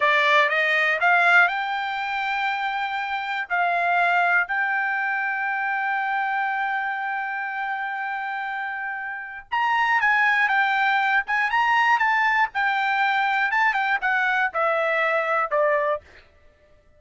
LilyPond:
\new Staff \with { instrumentName = "trumpet" } { \time 4/4 \tempo 4 = 120 d''4 dis''4 f''4 g''4~ | g''2. f''4~ | f''4 g''2.~ | g''1~ |
g''2. ais''4 | gis''4 g''4. gis''8 ais''4 | a''4 g''2 a''8 g''8 | fis''4 e''2 d''4 | }